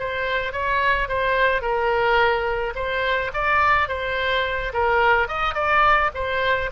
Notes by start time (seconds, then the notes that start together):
0.00 C5
0.53 C#5
1.09 C5
1.62 A#4
2.76 C5
3.34 D5
3.89 C5
4.74 A#4
5.28 D#5
5.55 D5
6.15 C5